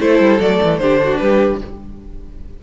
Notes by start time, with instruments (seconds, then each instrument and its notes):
0.00 cello A3, viola E4, violin A4 C5
0.19 cello G3
0.40 cello F#3, viola A3, violin D5
0.63 cello E3
0.78 cello D3, viola D4, violin G4 C5
1.04 violin F#4
1.17 cello G3, violin G4 B4